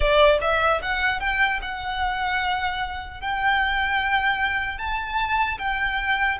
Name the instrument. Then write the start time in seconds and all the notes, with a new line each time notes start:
violin
0.00 D5
0.41 E5
0.81 F#5
1.20 G5
1.62 F#5
3.21 G5
4.78 A5
5.58 G5